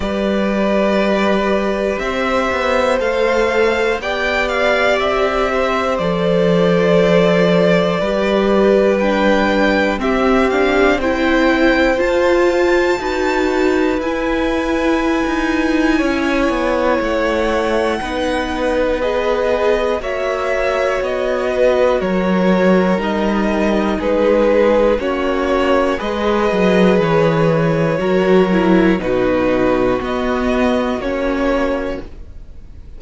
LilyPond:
<<
  \new Staff \with { instrumentName = "violin" } { \time 4/4 \tempo 4 = 60 d''2 e''4 f''4 | g''8 f''8 e''4 d''2~ | d''4 g''4 e''8 f''8 g''4 | a''2 gis''2~ |
gis''4 fis''2 dis''4 | e''4 dis''4 cis''4 dis''4 | b'4 cis''4 dis''4 cis''4~ | cis''4 b'4 dis''4 cis''4 | }
  \new Staff \with { instrumentName = "violin" } { \time 4/4 b'2 c''2 | d''4. c''2~ c''8 | b'2 g'4 c''4~ | c''4 b'2. |
cis''2 b'2 | cis''4. b'8 ais'2 | gis'4 fis'4 b'2 | ais'4 fis'2. | }
  \new Staff \with { instrumentName = "viola" } { \time 4/4 g'2. a'4 | g'2 a'2 | g'4 d'4 c'8 d'8 e'4 | f'4 fis'4 e'2~ |
e'2 dis'4 gis'4 | fis'2. dis'4~ | dis'4 cis'4 gis'2 | fis'8 e'8 dis'4 b4 cis'4 | }
  \new Staff \with { instrumentName = "cello" } { \time 4/4 g2 c'8 b8 a4 | b4 c'4 f2 | g2 c'2 | f'4 dis'4 e'4~ e'16 dis'8. |
cis'8 b8 a4 b2 | ais4 b4 fis4 g4 | gis4 ais4 gis8 fis8 e4 | fis4 b,4 b4 ais4 | }
>>